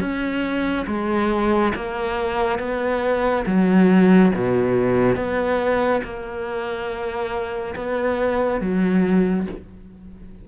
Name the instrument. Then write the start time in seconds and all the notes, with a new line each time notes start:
cello
0.00 C#4
0.87 G#3
1.75 A#3
2.59 B3
3.46 F#3
4.35 B2
5.15 B3
6.04 A#3
7.75 B3
8.60 F#3